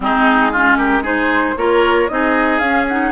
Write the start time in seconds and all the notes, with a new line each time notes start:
0.00 G#3 C4 D#4 G#4
0.52 C#4 F4
0.77 G4 A#4
1.02 D#4 G#4 C5
1.56 A#3 F4 A#4 C#5
2.08 C4 D#4 G#4 D#5
2.58 C#4 F5
2.88 D#4 F#5